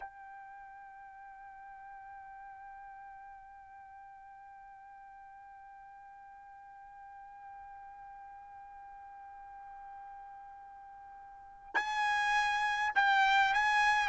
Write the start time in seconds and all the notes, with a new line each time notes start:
0.00 G5
11.75 G#5
12.95 G5
13.54 G#5